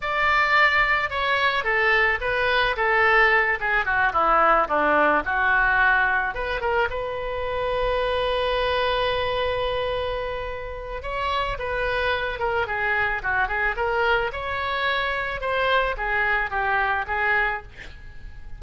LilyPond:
\new Staff \with { instrumentName = "oboe" } { \time 4/4 \tempo 4 = 109 d''2 cis''4 a'4 | b'4 a'4. gis'8 fis'8 e'8~ | e'8 d'4 fis'2 b'8 | ais'8 b'2.~ b'8~ |
b'1 | cis''4 b'4. ais'8 gis'4 | fis'8 gis'8 ais'4 cis''2 | c''4 gis'4 g'4 gis'4 | }